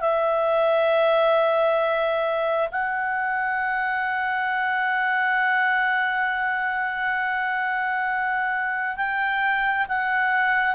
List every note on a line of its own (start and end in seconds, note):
0.00 2.69 E5
2.72 8.97 F#5
8.97 9.86 G5
9.88 10.75 F#5